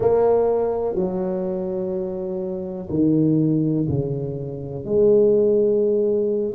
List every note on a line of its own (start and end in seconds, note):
0.00 0.95 A#3
0.95 2.88 F#3
2.90 3.87 D#3
3.88 4.84 C#3
4.84 6.54 G#3